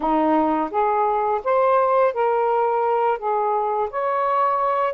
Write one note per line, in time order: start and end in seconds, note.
0.00 0.70 D#4
0.70 1.41 G#4
1.44 2.13 C5
2.13 3.18 A#4
3.18 3.89 G#4
3.90 4.93 C#5